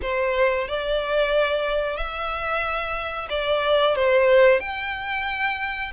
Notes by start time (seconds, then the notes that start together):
0.02 C5
0.68 D5
1.96 E5
3.29 D5
3.95 C5
4.60 G5